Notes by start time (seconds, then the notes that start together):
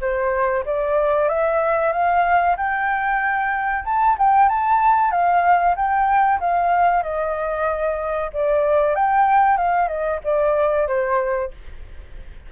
0.00 C5
0.65 D5
1.28 E5
1.92 F5
2.57 G5
3.85 A5
4.18 G5
4.49 A5
5.11 F5
5.76 G5
6.40 F5
7.02 D#5
8.33 D5
8.95 G5
9.57 F5
9.88 D#5
10.24 D5
10.87 C5